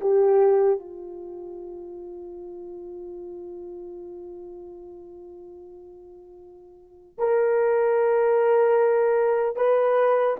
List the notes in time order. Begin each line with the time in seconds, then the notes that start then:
0.00 G4
0.79 F4
7.18 A#4
9.56 B4